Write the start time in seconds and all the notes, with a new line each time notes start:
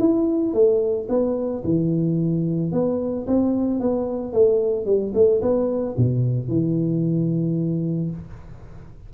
0.00 E4
0.54 A3
1.09 B3
1.65 E3
2.72 B3
3.27 C4
3.80 B3
4.33 A3
4.86 G3
5.15 A3
5.42 B3
5.98 B2
6.49 E3